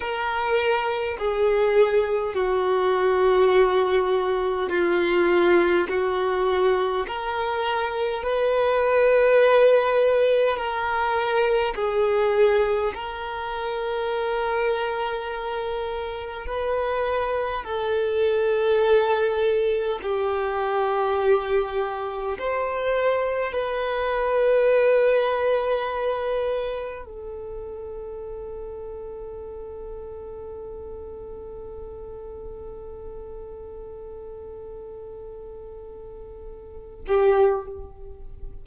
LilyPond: \new Staff \with { instrumentName = "violin" } { \time 4/4 \tempo 4 = 51 ais'4 gis'4 fis'2 | f'4 fis'4 ais'4 b'4~ | b'4 ais'4 gis'4 ais'4~ | ais'2 b'4 a'4~ |
a'4 g'2 c''4 | b'2. a'4~ | a'1~ | a'2.~ a'8 g'8 | }